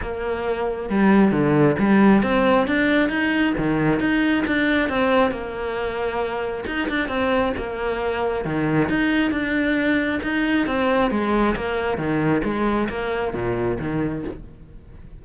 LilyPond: \new Staff \with { instrumentName = "cello" } { \time 4/4 \tempo 4 = 135 ais2 g4 d4 | g4 c'4 d'4 dis'4 | dis4 dis'4 d'4 c'4 | ais2. dis'8 d'8 |
c'4 ais2 dis4 | dis'4 d'2 dis'4 | c'4 gis4 ais4 dis4 | gis4 ais4 ais,4 dis4 | }